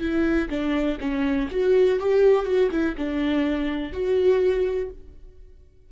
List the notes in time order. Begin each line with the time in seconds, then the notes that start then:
0.00 E4
0.50 D4
1.00 C#4
1.51 F#4
2.00 G4
2.46 F#4
2.71 E4
2.98 D4
3.93 F#4